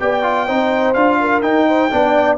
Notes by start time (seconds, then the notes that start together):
0.00 B3 G4 D5 G5
0.23 F4
0.47 C4 D#4 C5
0.94 D4 F4 F5
1.21 A#4
1.43 D#4 G5
1.68 C5
1.91 B3 D4 D5